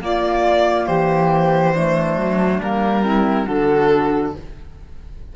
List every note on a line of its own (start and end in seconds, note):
0.00 1.74 A#3
0.00 0.88 A#3
0.00 0.88 F4
0.00 0.86 D5
0.86 2.16 E3
0.86 1.74 G4
0.86 2.60 C5
1.74 2.62 A3
1.74 3.05 D4
2.16 2.60 F#3
2.60 3.47 G3
2.60 3.03 A#3
2.60 3.47 A#4
3.03 3.47 C4
3.03 3.45 E4
3.45 4.36 D3
3.45 4.34 D4
3.45 4.32 F#4
3.45 4.34 A4